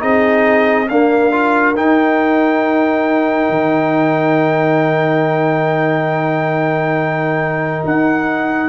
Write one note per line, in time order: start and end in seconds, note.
0.00 0.89 C4
0.00 0.87 D#4
0.00 0.88 G#4
0.00 0.89 D#5
0.89 1.32 A#3
0.89 1.76 D4
0.89 8.69 A#4
0.89 1.76 F5
1.32 1.76 F4
1.76 3.50 D#4
1.76 8.69 D#4
1.76 7.86 G5
3.50 7.84 D#3
7.86 8.69 D#4
7.86 8.69 F#5